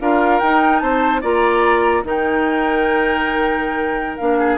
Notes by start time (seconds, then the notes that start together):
0.00 D4 F4 A#4 F5
0.40 D#4 G5
0.79 C4 C5 A5
1.21 A#3 F4 D5 A#5
2.03 D#3 D#4 A#4 G5
4.17 A#3 D4 F5
4.39 G#4